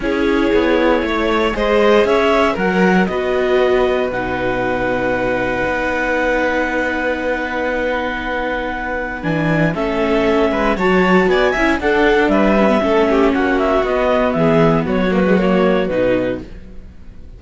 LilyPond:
<<
  \new Staff \with { instrumentName = "clarinet" } { \time 4/4 \tempo 4 = 117 cis''2. dis''4 | e''4 fis''4 dis''2 | fis''1~ | fis''1~ |
fis''2 gis''4 e''4~ | e''4 a''4 gis''4 fis''4 | e''2 fis''8 e''8 dis''4 | e''4 cis''8 b'8 cis''4 b'4 | }
  \new Staff \with { instrumentName = "violin" } { \time 4/4 gis'2 cis''4 c''4 | cis''4 ais'4 b'2~ | b'1~ | b'1~ |
b'2. a'4~ | a'8 b'8 cis''4 d''8 e''8 a'4 | b'4 a'8 g'8 fis'2 | gis'4 fis'2. | }
  \new Staff \with { instrumentName = "viola" } { \time 4/4 e'2. gis'4~ | gis'4 ais'4 fis'2 | dis'1~ | dis'1~ |
dis'2 d'4 cis'4~ | cis'4 fis'4. e'8 d'4~ | d'8 cis'16 b16 cis'2 b4~ | b4. ais16 gis16 ais4 dis'4 | }
  \new Staff \with { instrumentName = "cello" } { \time 4/4 cis'4 b4 a4 gis4 | cis'4 fis4 b2 | b,2. b4~ | b1~ |
b2 e4 a4~ | a8 gis8 fis4 b8 cis'8 d'4 | g4 a4 ais4 b4 | e4 fis2 b,4 | }
>>